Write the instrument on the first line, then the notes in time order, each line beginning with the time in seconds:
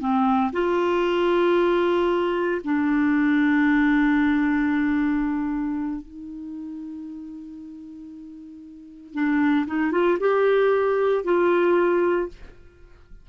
clarinet
0.00 C4
0.53 F4
2.64 D4
6.02 D#4
9.14 D4
9.67 D#4
9.92 F4
10.20 G4
11.25 F4